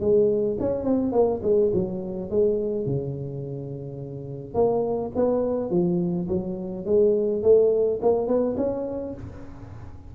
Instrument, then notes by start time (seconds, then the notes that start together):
tuba
0.00 G#3
0.59 C#4
0.84 C4
1.12 A#3
1.42 G#3
1.73 F#3
2.30 G#3
2.86 C#3
4.54 A#3
5.15 B3
5.70 F3
6.28 F#3
6.85 G#3
7.42 A3
8.02 A#3
8.27 B3
8.57 C#4